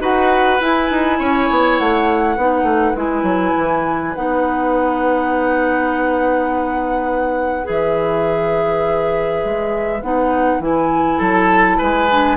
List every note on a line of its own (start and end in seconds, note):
0.00 0.59 D#4
0.00 0.59 F#4
0.00 1.18 B4
0.00 0.61 F#5
0.60 2.37 E4
0.60 0.91 E4
0.60 1.78 G#5
0.91 1.20 D#4
1.19 1.49 C#4
1.19 2.35 C#5
1.50 1.80 B3
1.78 2.37 A3
1.78 2.96 F#5
2.35 2.63 B3
2.35 2.95 D#4
2.35 11.18 B4
2.63 2.92 A3
2.95 3.23 G#3
2.95 4.13 E4
2.95 4.15 G#5
3.23 3.52 F#3
3.57 4.16 E3
4.15 7.69 B3
4.15 7.64 D#4
4.15 7.68 F#5
7.64 9.44 E3
7.64 9.99 G#4
7.64 10.02 E5
9.44 10.02 G#3
10.02 10.59 B3
10.02 10.61 D#4
10.02 10.61 F#5
10.59 11.18 E3
10.59 12.08 E4
10.59 11.20 G#5
11.18 11.78 F#3
11.18 11.77 A4
11.18 11.80 A5
11.78 12.36 G#3
11.78 12.36 B4
11.78 12.36 G#5
12.11 12.36 D4